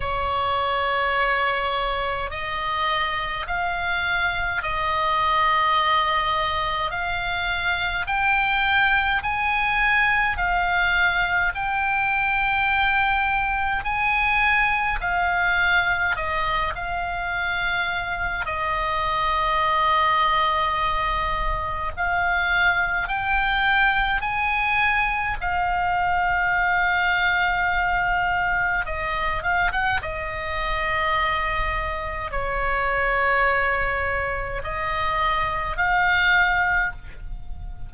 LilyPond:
\new Staff \with { instrumentName = "oboe" } { \time 4/4 \tempo 4 = 52 cis''2 dis''4 f''4 | dis''2 f''4 g''4 | gis''4 f''4 g''2 | gis''4 f''4 dis''8 f''4. |
dis''2. f''4 | g''4 gis''4 f''2~ | f''4 dis''8 f''16 fis''16 dis''2 | cis''2 dis''4 f''4 | }